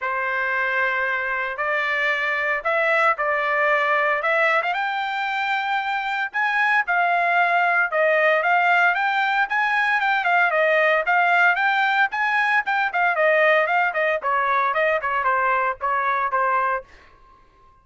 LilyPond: \new Staff \with { instrumentName = "trumpet" } { \time 4/4 \tempo 4 = 114 c''2. d''4~ | d''4 e''4 d''2 | e''8. f''16 g''2. | gis''4 f''2 dis''4 |
f''4 g''4 gis''4 g''8 f''8 | dis''4 f''4 g''4 gis''4 | g''8 f''8 dis''4 f''8 dis''8 cis''4 | dis''8 cis''8 c''4 cis''4 c''4 | }